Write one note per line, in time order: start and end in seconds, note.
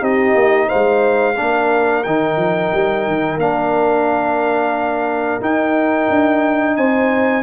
0.00 0.35 C4
0.00 1.35 D#4
0.00 0.68 G4
0.00 0.69 D#5
0.35 0.69 A#3
0.68 1.36 C5
0.68 2.04 F5
0.74 1.39 G#3
1.37 2.06 A#3
1.37 2.04 D4
1.37 6.77 A#4
2.04 2.37 D#3
2.04 3.40 D#4
2.04 3.38 G5
2.37 2.71 F3
2.74 3.08 G3
3.08 3.37 D#3
3.37 5.40 A#3
3.37 5.41 D4
3.37 5.42 F5
5.41 6.09 D#4
5.41 7.43 D#4
5.41 6.77 G5
6.10 6.77 D4
6.77 7.43 C4
6.77 7.43 C5
6.77 7.43 G#5